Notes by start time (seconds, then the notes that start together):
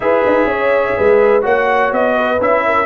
0.00 E4 G#4 B4 E5
0.25 D#4
0.44 C#4 C#5
0.97 G#3 B4
1.41 A#3 F#4 C#5 F#5
1.91 B3 D#5
2.17 B4
2.40 C#4 E4 E5
2.66 A#4